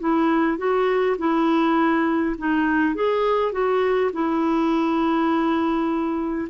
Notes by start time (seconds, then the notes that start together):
0.00 E4
0.58 F#4
1.18 E4
2.38 D#4
2.95 G#4
3.52 F#4
4.13 E4